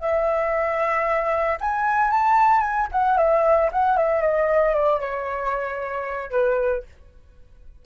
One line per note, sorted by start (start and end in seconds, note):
0.00 1.58 E5
1.60 2.11 G#5
2.11 2.61 A5
2.61 2.87 G#5
2.92 3.17 F#5
3.17 3.70 E5
3.72 3.97 F#5
3.97 4.21 E5
4.21 4.74 D#5
4.74 5.00 D5
5.00 6.31 C#5
6.31 6.83 B4